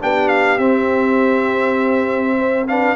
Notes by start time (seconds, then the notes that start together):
0.00 B3 D4 G4 G5
0.29 F5
0.58 C4 E5
2.38 C5
2.68 D4 B4 F5